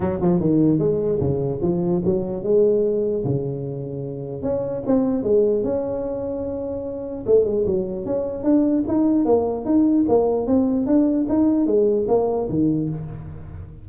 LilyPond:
\new Staff \with { instrumentName = "tuba" } { \time 4/4 \tempo 4 = 149 fis8 f8 dis4 gis4 cis4 | f4 fis4 gis2 | cis2. cis'4 | c'4 gis4 cis'2~ |
cis'2 a8 gis8 fis4 | cis'4 d'4 dis'4 ais4 | dis'4 ais4 c'4 d'4 | dis'4 gis4 ais4 dis4 | }